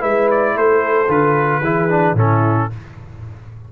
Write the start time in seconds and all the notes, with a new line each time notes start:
0.00 G#3 E4 B4 E5
0.31 D5
0.56 A3 A4 C5
1.08 D3 F4 B4
1.61 E3 E4 G#4
1.89 D4
2.14 A2 C#4 E4 A4